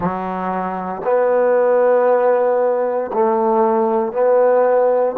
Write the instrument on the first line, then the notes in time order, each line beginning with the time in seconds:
trombone
0.00 F#3
1.04 B3
3.13 A3
4.12 B3